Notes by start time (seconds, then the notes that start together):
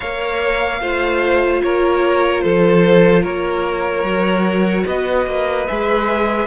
0.00 A#3 A#4 C#5 F5
0.81 A3 F4 C5
1.62 A#3 A#4 C#5
2.41 F3 A4 C5
3.22 A#3 A#4 C#5
4.03 F#3 F#4
4.86 B3 B4 D#5
5.26 A#3
5.67 G#3 G#4 E5